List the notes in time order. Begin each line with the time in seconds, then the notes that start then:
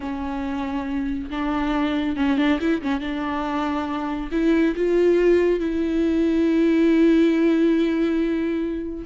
0.00 C#4
1.30 D4
2.16 C#4
2.37 D4
2.60 E4
2.82 C#4
3.00 D4
4.31 E4
4.76 F4
5.59 E4